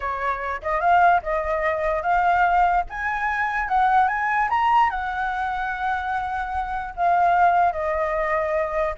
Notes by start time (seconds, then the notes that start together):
0.00 C#5
0.62 D#5
0.80 F5
1.22 D#5
2.02 F5
2.89 G#5
3.68 F#5
4.08 G#5
4.49 A#5
4.90 F#5
6.96 F5
7.72 D#5